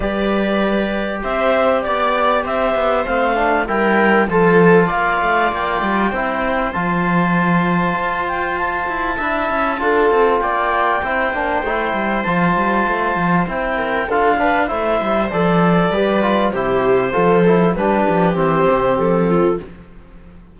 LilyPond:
<<
  \new Staff \with { instrumentName = "clarinet" } { \time 4/4 \tempo 4 = 98 d''2 e''4 d''4 | e''4 f''4 g''4 a''4 | f''4 g''2 a''4~ | a''4. g''8 a''2~ |
a''4 g''2. | a''2 g''4 f''4 | e''4 d''2 c''4~ | c''4 b'4 c''4 a'4 | }
  \new Staff \with { instrumentName = "viola" } { \time 4/4 b'2 c''4 d''4 | c''2 ais'4 a'4 | d''2 c''2~ | c''2. e''4 |
a'4 d''4 c''2~ | c''2~ c''8 ais'8 a'8 b'8 | c''2 b'4 g'4 | a'4 g'2~ g'8 f'8 | }
  \new Staff \with { instrumentName = "trombone" } { \time 4/4 g'1~ | g'4 c'8 d'8 e'4 f'4~ | f'2 e'4 f'4~ | f'2. e'4 |
f'2 e'8 d'8 e'4 | f'2 e'4 f'8 d'8 | e'4 a'4 g'8 f'8 e'4 | f'8 e'8 d'4 c'2 | }
  \new Staff \with { instrumentName = "cello" } { \time 4/4 g2 c'4 b4 | c'8 b8 a4 g4 f4 | ais8 a8 ais8 g8 c'4 f4~ | f4 f'4. e'8 d'8 cis'8 |
d'8 c'8 ais4 c'8 ais8 a8 g8 | f8 g8 a8 f8 c'4 d'4 | a8 g8 f4 g4 c4 | f4 g8 f8 e8 c8 f4 | }
>>